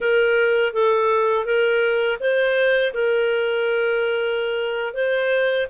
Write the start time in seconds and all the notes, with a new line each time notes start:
0.00 A#4
0.73 A4
1.45 A#4
2.20 C5
2.93 A#4
4.93 C5